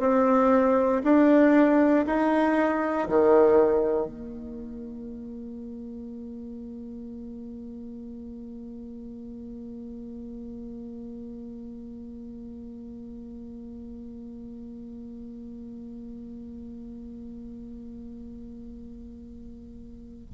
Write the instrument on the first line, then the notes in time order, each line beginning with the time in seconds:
bassoon
0.00 C4
1.04 D4
2.06 D#4
3.08 D#3
4.06 A#3